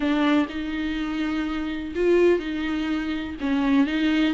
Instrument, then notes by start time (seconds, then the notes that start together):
viola
0.00 D4
0.49 D#4
1.95 F4
2.39 D#4
3.40 C#4
3.86 D#4